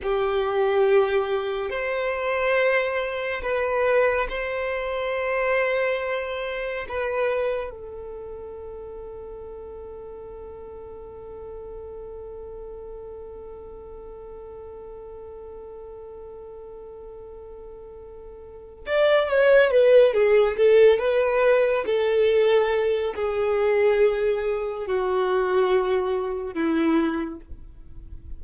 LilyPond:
\new Staff \with { instrumentName = "violin" } { \time 4/4 \tempo 4 = 70 g'2 c''2 | b'4 c''2. | b'4 a'2.~ | a'1~ |
a'1~ | a'2 d''8 cis''8 b'8 gis'8 | a'8 b'4 a'4. gis'4~ | gis'4 fis'2 e'4 | }